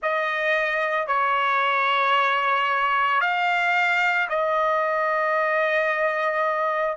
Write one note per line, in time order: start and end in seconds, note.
0.02 1.07 D#5
1.07 3.20 C#5
3.20 4.28 F5
4.29 6.96 D#5